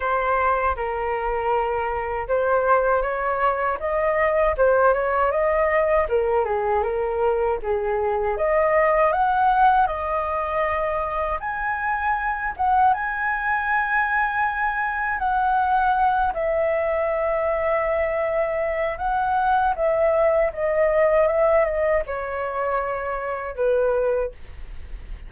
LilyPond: \new Staff \with { instrumentName = "flute" } { \time 4/4 \tempo 4 = 79 c''4 ais'2 c''4 | cis''4 dis''4 c''8 cis''8 dis''4 | ais'8 gis'8 ais'4 gis'4 dis''4 | fis''4 dis''2 gis''4~ |
gis''8 fis''8 gis''2. | fis''4. e''2~ e''8~ | e''4 fis''4 e''4 dis''4 | e''8 dis''8 cis''2 b'4 | }